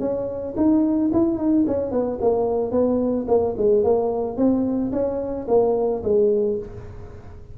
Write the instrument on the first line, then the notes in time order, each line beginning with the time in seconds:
tuba
0.00 C#4
0.57 D#4
1.13 E4
1.38 D#4
1.67 C#4
1.92 B3
2.21 A#3
2.72 B3
3.28 A#3
3.58 G#3
3.84 A#3
4.37 C4
4.92 C#4
5.48 A#3
6.04 G#3